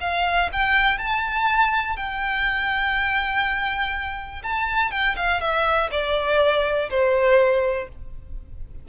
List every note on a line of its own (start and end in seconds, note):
0.00 0.49 F5
0.52 0.98 G5
0.98 1.96 A5
1.96 4.42 G5
4.43 4.91 A5
4.91 5.15 G5
5.16 5.40 F5
5.40 5.89 E5
5.91 6.89 D5
6.90 7.88 C5